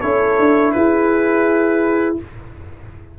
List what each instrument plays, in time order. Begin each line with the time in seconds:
0.00 tuba C#4, trombone E4, horn A4, trumpet C#5
0.39 tuba D4
0.72 tuba E4, horn G#4, trumpet B4